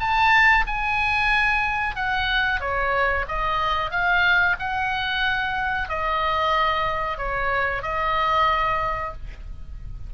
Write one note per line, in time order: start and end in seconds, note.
0.00 0.65 A5
0.67 1.95 G#5
1.95 2.61 F#5
2.61 3.26 C#5
3.28 3.91 D#5
3.91 4.56 F5
4.59 5.89 F#5
5.89 7.18 D#5
7.18 7.82 C#5
7.82 9.13 D#5